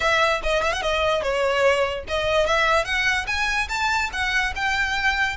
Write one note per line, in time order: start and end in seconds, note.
0.00 0.41 E5
0.43 0.62 D#5
0.62 0.72 E5
0.72 0.82 F#5
0.82 1.22 D#5
1.22 2.04 C#5
2.08 2.46 D#5
2.46 2.85 E5
2.85 3.26 F#5
3.27 3.68 G#5
3.69 4.10 A5
4.12 4.53 F#5
4.55 5.36 G5